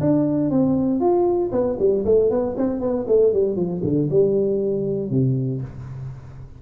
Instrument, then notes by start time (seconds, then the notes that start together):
tuba
0.00 D4
0.50 C4
1.00 F4
1.51 B3
1.79 G3
2.05 A3
2.30 B3
2.57 C4
2.80 B3
3.07 A3
3.33 G3
3.56 F3
3.83 D3
4.10 G3
5.10 C3